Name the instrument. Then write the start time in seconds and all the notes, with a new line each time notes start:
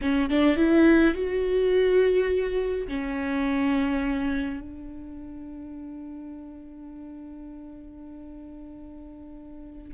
viola
0.01 C#4
0.30 D4
0.56 E4
1.14 F#4
2.88 C#4
4.60 D4